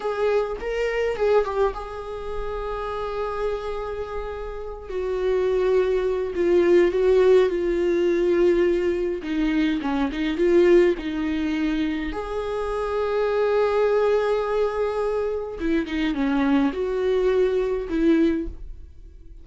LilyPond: \new Staff \with { instrumentName = "viola" } { \time 4/4 \tempo 4 = 104 gis'4 ais'4 gis'8 g'8 gis'4~ | gis'1~ | gis'8 fis'2~ fis'8 f'4 | fis'4 f'2. |
dis'4 cis'8 dis'8 f'4 dis'4~ | dis'4 gis'2.~ | gis'2. e'8 dis'8 | cis'4 fis'2 e'4 | }